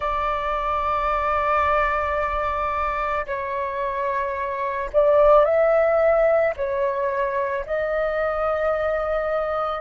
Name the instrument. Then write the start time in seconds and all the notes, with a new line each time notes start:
flute
0.00 D5
3.26 C#5
4.92 D5
5.44 E5
6.56 C#5
7.66 D#5